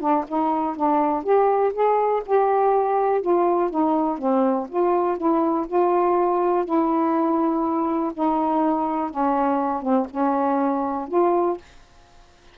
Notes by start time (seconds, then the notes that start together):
0.00 D4
0.28 D#4
0.76 D4
1.23 G4
1.73 G#4
2.26 G4
3.21 F4
3.70 D#4
4.18 C4
4.69 F4
5.17 E4
5.67 F4
6.65 E4
8.14 D#4
9.10 C#4
9.82 C4
10.10 C#4
11.08 F4